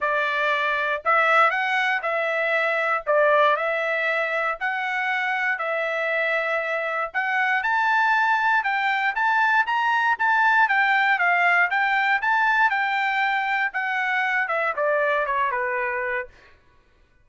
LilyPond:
\new Staff \with { instrumentName = "trumpet" } { \time 4/4 \tempo 4 = 118 d''2 e''4 fis''4 | e''2 d''4 e''4~ | e''4 fis''2 e''4~ | e''2 fis''4 a''4~ |
a''4 g''4 a''4 ais''4 | a''4 g''4 f''4 g''4 | a''4 g''2 fis''4~ | fis''8 e''8 d''4 cis''8 b'4. | }